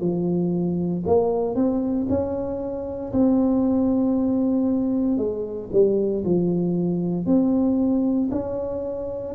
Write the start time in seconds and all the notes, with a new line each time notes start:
0.00 F3
1.06 A#3
1.55 C4
2.09 C#4
3.13 C4
5.18 G#3
5.72 G3
6.24 F3
7.26 C4
8.31 C#4